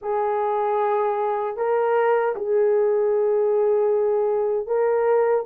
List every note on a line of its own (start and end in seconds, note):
0.01 1.56 G#4
1.56 2.34 A#4
2.35 4.66 G#4
4.66 5.44 A#4